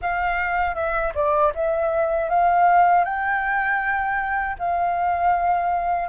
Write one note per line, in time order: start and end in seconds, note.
0.01 0.75 F5
0.75 1.13 E5
1.14 1.52 D5
1.55 2.29 E5
2.29 3.04 F5
3.04 4.56 G5
4.58 6.09 F5